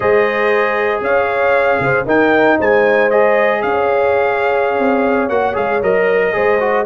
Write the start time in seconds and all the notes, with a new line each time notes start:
0.00 G#3 G#4 C5 D#5
1.00 C#4 C#5 F5
1.80 C#3 C5
2.05 D#4 A#4 G5
2.58 G#3 C5 G#5
3.10 G#4 D#5
3.61 C#4 C#5 F5
4.78 C4
5.29 A#3 F#4 F#5
5.53 G#3 G#4 F5
5.81 F#3 A#4 D#5
6.32 G#3 G#4 C5
6.59 F#4